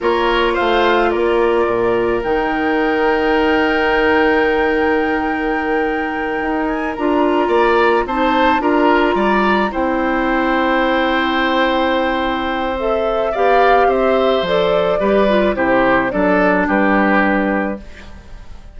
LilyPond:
<<
  \new Staff \with { instrumentName = "flute" } { \time 4/4 \tempo 4 = 108 cis''4 f''4 d''2 | g''1~ | g''1 | gis''8 ais''2 a''4 ais''8~ |
ais''4. g''2~ g''8~ | g''2. e''4 | f''4 e''4 d''2 | c''4 d''4 b'2 | }
  \new Staff \with { instrumentName = "oboe" } { \time 4/4 ais'4 c''4 ais'2~ | ais'1~ | ais'1~ | ais'4. d''4 c''4 ais'8~ |
ais'8 d''4 c''2~ c''8~ | c''1 | d''4 c''2 b'4 | g'4 a'4 g'2 | }
  \new Staff \with { instrumentName = "clarinet" } { \time 4/4 f'1 | dis'1~ | dis'1~ | dis'8 f'2 dis'4 f'8~ |
f'4. e'2~ e'8~ | e'2. a'4 | g'2 a'4 g'8 f'8 | e'4 d'2. | }
  \new Staff \with { instrumentName = "bassoon" } { \time 4/4 ais4 a4 ais4 ais,4 | dis1~ | dis2.~ dis8 dis'8~ | dis'8 d'4 ais4 c'4 d'8~ |
d'8 g4 c'2~ c'8~ | c'1 | b4 c'4 f4 g4 | c4 fis4 g2 | }
>>